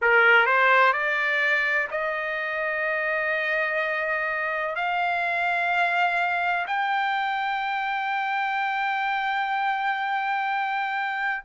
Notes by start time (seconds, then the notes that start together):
0.01 A#4
0.45 C5
0.92 D5
1.90 D#5
4.75 F5
6.67 G5